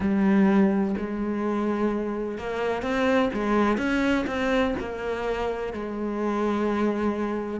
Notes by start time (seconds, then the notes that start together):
0.00 G3
0.97 G#3
2.38 A#3
2.82 C4
3.33 G#3
3.77 C#4
4.26 C4
4.79 A#3
5.73 G#3